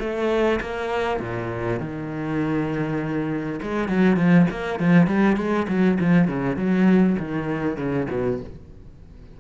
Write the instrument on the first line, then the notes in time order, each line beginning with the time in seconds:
cello
0.00 A3
0.61 A#3
1.20 A#2
1.80 D#3
3.62 G#3
3.89 F#3
4.17 F3
4.51 A#3
4.80 F3
5.07 G3
5.37 G#3
5.68 F#3
6.01 F3
6.28 C#3
6.56 F#3
7.19 D#3
7.77 C#3
8.11 B2